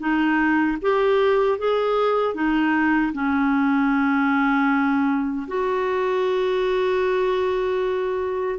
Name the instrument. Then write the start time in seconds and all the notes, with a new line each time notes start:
clarinet
0.00 D#4
0.82 G4
1.59 G#4
2.35 D#4
3.13 C#4
5.48 F#4